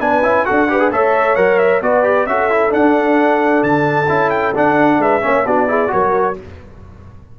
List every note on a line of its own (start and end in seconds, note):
0.00 0.22 B3
0.00 0.23 D4
0.00 0.46 B4
0.00 0.45 G#5
0.22 0.45 C#4
0.22 0.45 E4
0.45 0.91 D4
0.45 0.68 F#4
0.45 0.69 A4
0.45 0.90 F#5
0.68 0.79 G4
0.68 0.92 B4
0.79 0.90 G#4
0.91 1.36 A3
0.91 1.36 A4
0.91 1.83 C#5
0.91 1.35 E5
1.35 1.81 F#3
1.35 1.82 A#4
1.35 1.58 F#5
1.58 1.80 E5
1.81 2.26 B3
1.81 2.03 F#4
1.81 2.30 B4
1.81 2.26 D5
2.03 2.26 G4
2.26 2.72 C#4
2.26 2.50 F#4
2.26 5.01 A4
2.26 2.71 E5
2.50 2.69 E4
2.69 4.06 D4
2.69 3.63 D4
2.69 3.63 F#5
3.63 4.08 D3
3.63 4.30 A5
4.08 4.55 C#4
4.08 4.53 E4
4.30 4.53 G5
4.55 5.21 D4
4.55 4.98 D4
4.55 5.01 F#5
4.98 5.20 G#3
4.98 5.23 B4
4.98 5.46 E5
5.21 5.45 A#3
5.21 5.44 C#4
5.21 5.46 C#5
5.45 5.91 B3
5.45 5.68 D4
5.45 5.68 F#4
5.45 5.92 D5
5.68 5.87 E4
5.68 5.91 G#4
5.87 6.33 F#4
5.87 6.38 A#4
5.87 6.37 C#5
5.93 6.39 F#3